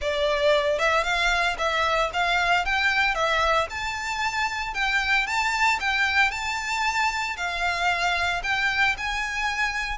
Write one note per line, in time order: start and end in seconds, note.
0.01 0.78 D5
0.78 1.03 E5
1.03 1.56 F5
1.57 2.10 E5
2.13 2.65 F5
2.65 3.14 G5
3.14 3.67 E5
3.70 4.74 A5
4.74 5.26 G5
5.26 5.79 A5
5.79 6.31 G5
6.31 7.36 A5
7.36 8.42 F5
8.43 8.95 G5
8.97 9.97 G#5